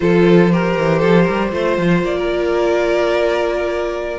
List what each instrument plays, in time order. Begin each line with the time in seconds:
0.00 cello F3, viola F4, violin A4 C5
0.52 viola G4, violin A#4
0.78 cello E3
0.99 cello F3, violin A4
1.23 cello G3, violin A#4
1.51 cello A3, viola F4, violin C5
1.77 cello F3
2.02 cello A#3, violin D5
2.17 violin A#4